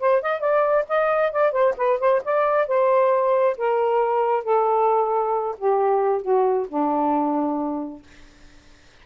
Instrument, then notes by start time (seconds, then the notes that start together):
saxophone
0.00 C5
0.22 D#5
0.40 D5
0.89 D#5
1.32 D5
1.52 C5
1.77 B4
2.00 C5
2.25 D5
2.68 C5
3.58 A#4
4.44 A4
5.58 G4
6.22 F#4
6.68 D4